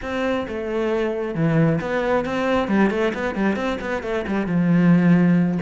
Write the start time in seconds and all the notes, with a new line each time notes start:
0.01 C4
0.48 A3
1.34 E3
1.80 B3
2.25 C4
2.68 G3
2.90 A3
3.13 B3
3.35 G3
3.56 C4
3.80 B3
4.03 A3
4.27 G3
4.46 F3